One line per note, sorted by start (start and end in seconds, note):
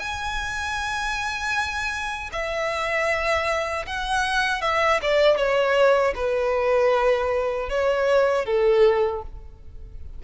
0.00 2.31 G#5
2.33 3.86 E5
3.87 4.62 F#5
4.62 5.00 E5
5.02 5.37 D5
5.37 6.14 C#5
6.16 7.70 B4
7.70 8.46 C#5
8.46 9.23 A4